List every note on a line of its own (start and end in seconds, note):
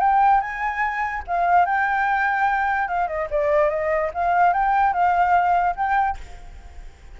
0.00 0.41 G5
0.41 1.23 G#5
1.27 1.65 F5
1.65 2.88 G5
2.88 3.07 F5
3.07 3.28 D#5
3.30 3.70 D5
3.70 4.11 D#5
4.14 4.53 F5
4.53 4.93 G5
4.93 5.75 F5
5.76 6.17 G5